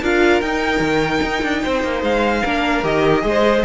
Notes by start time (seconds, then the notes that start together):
0.00 D4 F4 A#4 F5
0.41 D#4 G5
0.79 D#3
1.22 D#4
1.42 D4
1.62 C4 C5
1.83 A#3
2.02 G#3 F5
2.42 A#3 D4 A#4
2.82 D#3 G4 D#5
3.21 G#3 G#4
3.28 C5